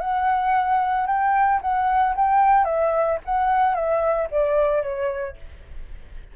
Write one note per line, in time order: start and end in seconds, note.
0.00 1.07 F#5
1.07 1.60 G5
1.61 2.15 F#5
2.16 2.65 G5
2.65 3.18 E5
3.25 3.75 F#5
3.75 4.28 E5
4.31 4.83 D5
4.83 5.36 C#5